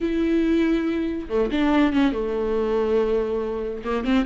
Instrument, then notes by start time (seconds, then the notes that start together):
viola
0.00 E4
1.28 A3
1.51 D4
1.92 C#4
2.12 A3
3.84 A#3
4.04 C4